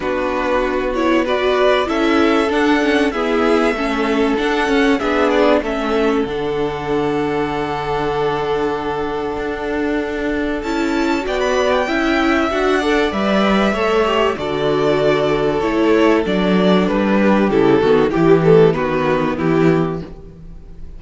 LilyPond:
<<
  \new Staff \with { instrumentName = "violin" } { \time 4/4 \tempo 4 = 96 b'4. cis''8 d''4 e''4 | fis''4 e''2 fis''4 | e''8 d''8 e''4 fis''2~ | fis''1~ |
fis''4 a''4 g''16 b''8 g''4~ g''16 | fis''4 e''2 d''4~ | d''4 cis''4 d''4 b'4 | a'4 g'8 a'8 b'4 g'4 | }
  \new Staff \with { instrumentName = "violin" } { \time 4/4 fis'2 b'4 a'4~ | a'4 gis'4 a'2 | gis'4 a'2.~ | a'1~ |
a'2 d''4 e''4~ | e''8 d''4. cis''4 a'4~ | a'2.~ a'8 g'8~ | g'8 fis'8 g'4 fis'4 e'4 | }
  \new Staff \with { instrumentName = "viola" } { \time 4/4 d'4. e'8 fis'4 e'4 | d'8 cis'8 b4 cis'4 d'8 cis'8 | d'4 cis'4 d'2~ | d'1~ |
d'4 e'4 fis'4 e'4 | fis'8 a'8 b'4 a'8 g'8 fis'4~ | fis'4 e'4 d'2 | e'8 b8 e8 a8 b2 | }
  \new Staff \with { instrumentName = "cello" } { \time 4/4 b2. cis'4 | d'4 e'4 a4 d'8 cis'8 | b4 a4 d2~ | d2. d'4~ |
d'4 cis'4 b4 cis'4 | d'4 g4 a4 d4~ | d4 a4 fis4 g4 | cis8 dis8 e4 dis4 e4 | }
>>